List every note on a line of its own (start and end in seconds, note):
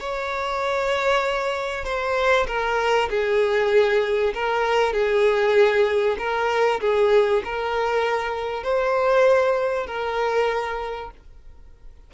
0.00 1.85 C#5
1.85 2.47 C5
2.47 3.09 A#4
3.10 4.34 G#4
4.34 4.93 A#4
4.93 6.17 G#4
6.19 6.80 A#4
6.81 7.43 G#4
7.45 8.64 A#4
8.64 9.87 C5
9.87 11.11 A#4